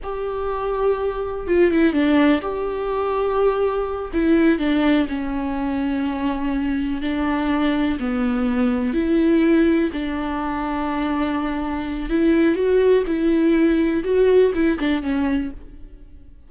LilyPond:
\new Staff \with { instrumentName = "viola" } { \time 4/4 \tempo 4 = 124 g'2. f'8 e'8 | d'4 g'2.~ | g'8 e'4 d'4 cis'4.~ | cis'2~ cis'8 d'4.~ |
d'8 b2 e'4.~ | e'8 d'2.~ d'8~ | d'4 e'4 fis'4 e'4~ | e'4 fis'4 e'8 d'8 cis'4 | }